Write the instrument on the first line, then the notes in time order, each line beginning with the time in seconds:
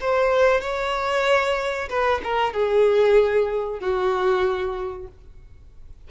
violin
0.00 C5
0.61 C#5
1.89 B4
2.23 A#4
2.53 G#4
3.79 F#4